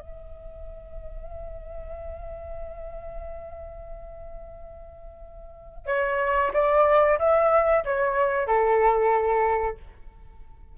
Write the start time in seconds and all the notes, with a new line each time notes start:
0.00 E5
5.87 C#5
6.54 D5
7.19 E5
7.85 C#5
8.48 A4